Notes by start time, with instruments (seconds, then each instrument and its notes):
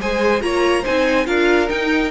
0.00 cello G#3, viola G#4, violin C5 G#5
0.41 cello A#3, viola F4, violin C#5 A#5
0.82 cello C4, viola D#4, violin C5 G#5
1.25 cello D4, viola F4, violin A#4 F5
1.67 viola D#4, cello D#4, violin G5